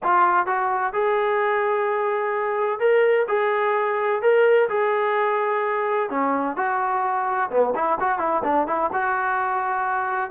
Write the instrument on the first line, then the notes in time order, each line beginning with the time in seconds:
trombone
0.03 F4
0.46 F#4
0.93 G#4
2.79 A#4
3.28 G#4
4.22 A#4
4.69 G#4
6.10 C#4
6.56 F#4
7.50 B3
7.75 E4
7.99 F#4
8.19 E4
8.43 D4
8.67 E4
8.92 F#4